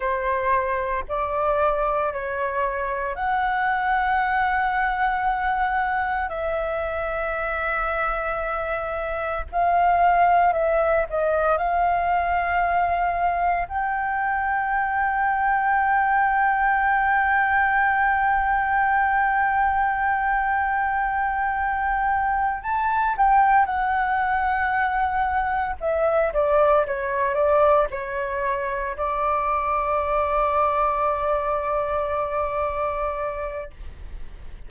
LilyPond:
\new Staff \with { instrumentName = "flute" } { \time 4/4 \tempo 4 = 57 c''4 d''4 cis''4 fis''4~ | fis''2 e''2~ | e''4 f''4 e''8 dis''8 f''4~ | f''4 g''2.~ |
g''1~ | g''4. a''8 g''8 fis''4.~ | fis''8 e''8 d''8 cis''8 d''8 cis''4 d''8~ | d''1 | }